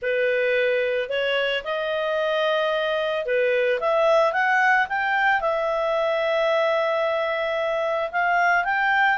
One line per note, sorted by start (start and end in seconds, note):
0.01 1.09 B4
1.09 1.63 C#5
1.64 3.25 D#5
3.25 3.79 B4
3.80 4.32 E5
4.32 4.86 F#5
4.88 5.40 G5
5.40 8.11 E5
8.11 8.64 F5
8.64 9.18 G5